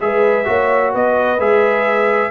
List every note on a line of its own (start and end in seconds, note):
0.00 0.47 G#3
0.00 0.44 G#4
0.00 0.47 B4
0.00 0.93 E5
0.44 0.94 A#3
0.44 1.37 F#4
0.44 0.92 C#5
0.92 1.39 B3
0.92 2.30 B4
0.92 1.40 D#5
1.39 2.30 G#3
1.39 2.30 G#4
1.39 2.30 E5